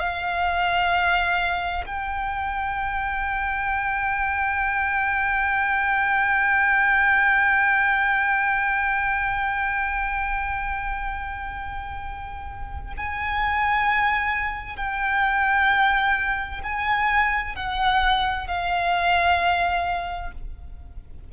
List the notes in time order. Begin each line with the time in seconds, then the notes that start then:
0.00 F5
1.86 G5
12.97 G#5
14.77 G5
16.64 G#5
17.56 F#5
18.47 F5